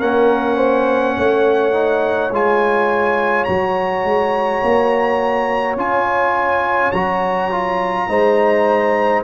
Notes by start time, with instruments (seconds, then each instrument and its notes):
0.00 tuba A#3, trombone C#4, horn A#4, trumpet F#5
0.57 horn C5
1.18 tuba A3, horn C#5
1.73 trombone D#4
2.31 tuba G#3, trombone F4, trumpet G#5
3.45 tuba F#3, trombone F#4, trumpet A#5
4.04 tuba G#3
4.63 tuba A#3
5.76 tuba C#4, trombone F4, trumpet G#5
6.92 tuba F#3, trombone F#4, trumpet A#5
7.51 trombone F4
8.08 tuba G#3, trombone D#4, horn C5